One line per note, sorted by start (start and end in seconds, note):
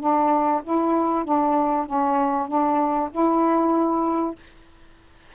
0.00 0.62 D4
0.64 1.25 E4
1.25 1.86 D4
1.86 2.48 C#4
2.48 3.10 D4
3.12 4.36 E4